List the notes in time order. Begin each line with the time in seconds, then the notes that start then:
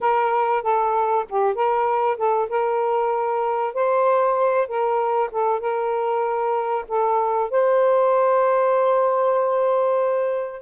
0.00 A#4
0.62 A4
1.29 G4
1.55 A#4
2.17 A4
2.49 A#4
3.74 C5
4.67 A#4
5.31 A4
5.60 A#4
6.88 A4
7.50 C5